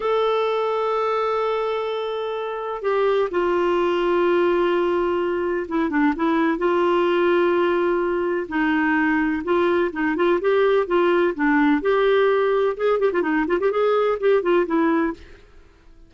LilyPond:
\new Staff \with { instrumentName = "clarinet" } { \time 4/4 \tempo 4 = 127 a'1~ | a'2 g'4 f'4~ | f'1 | e'8 d'8 e'4 f'2~ |
f'2 dis'2 | f'4 dis'8 f'8 g'4 f'4 | d'4 g'2 gis'8 g'16 f'16 | dis'8 f'16 g'16 gis'4 g'8 f'8 e'4 | }